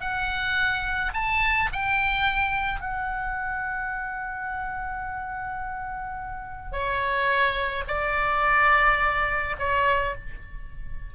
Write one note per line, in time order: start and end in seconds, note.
0.00 1.12 F#5
1.13 1.69 A5
1.72 2.80 G5
2.80 6.72 F#5
6.72 7.84 C#5
7.88 9.56 D5
9.59 10.15 C#5